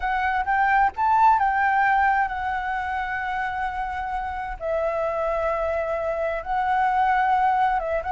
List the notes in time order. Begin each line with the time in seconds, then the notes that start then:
0.00 F#5
0.45 G5
0.96 A5
1.39 G5
2.28 F#5
4.59 E5
6.42 F#5
7.79 E5
8.03 F#5